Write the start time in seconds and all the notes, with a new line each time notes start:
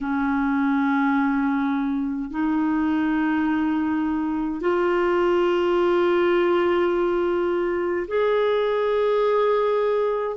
0.00 C#4
2.30 D#4
4.60 F4
8.07 G#4